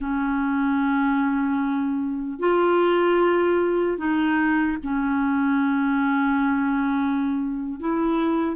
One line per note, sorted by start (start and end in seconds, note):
0.00 2.39 C#4
2.39 3.97 F4
3.97 4.77 D#4
4.83 7.80 C#4
7.80 8.56 E4